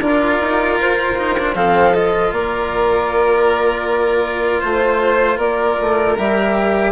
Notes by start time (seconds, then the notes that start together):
0.00 D4 F4 A#4 D5
0.41 D#4
0.80 F4 C5
1.17 D#4
1.38 D4
1.55 F3 C4 A4 F5
1.94 F4 D#5
2.32 A#3 A#4 D5
4.60 A3 C5
5.37 A#3 A#4 D5
5.80 A3
6.18 G3 G4 E5